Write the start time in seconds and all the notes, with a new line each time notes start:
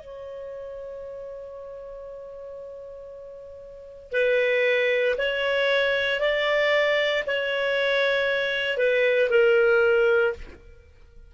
0.00 C#5
4.12 B4
5.18 C#5
6.21 D5
7.27 C#5
8.77 B4
9.30 A#4